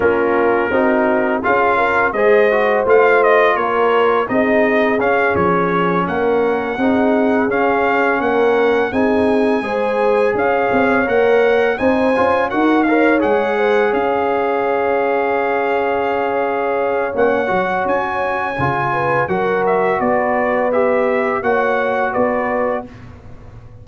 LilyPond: <<
  \new Staff \with { instrumentName = "trumpet" } { \time 4/4 \tempo 4 = 84 ais'2 f''4 dis''4 | f''8 dis''8 cis''4 dis''4 f''8 cis''8~ | cis''8 fis''2 f''4 fis''8~ | fis''8 gis''2 f''4 fis''8~ |
fis''8 gis''4 fis''8 f''8 fis''4 f''8~ | f''1 | fis''4 gis''2 fis''8 e''8 | d''4 e''4 fis''4 d''4 | }
  \new Staff \with { instrumentName = "horn" } { \time 4/4 f'4 fis'4 gis'8 ais'8 c''4~ | c''4 ais'4 gis'2~ | gis'8 ais'4 gis'2 ais'8~ | ais'8 gis'4 c''4 cis''4.~ |
cis''8 c''4 ais'8 cis''4 c''8 cis''8~ | cis''1~ | cis''2~ cis''8 b'8 ais'4 | b'2 cis''4 b'4 | }
  \new Staff \with { instrumentName = "trombone" } { \time 4/4 cis'4 dis'4 f'4 gis'8 fis'8 | f'2 dis'4 cis'4~ | cis'4. dis'4 cis'4.~ | cis'8 dis'4 gis'2 ais'8~ |
ais'8 dis'8 f'8 fis'8 ais'8 gis'4.~ | gis'1 | cis'8 fis'4. f'4 fis'4~ | fis'4 g'4 fis'2 | }
  \new Staff \with { instrumentName = "tuba" } { \time 4/4 ais4 c'4 cis'4 gis4 | a4 ais4 c'4 cis'8 f8~ | f8 ais4 c'4 cis'4 ais8~ | ais8 c'4 gis4 cis'8 c'8 ais8~ |
ais8 c'8 cis'8 dis'4 gis4 cis'8~ | cis'1 | ais8 fis8 cis'4 cis4 fis4 | b2 ais4 b4 | }
>>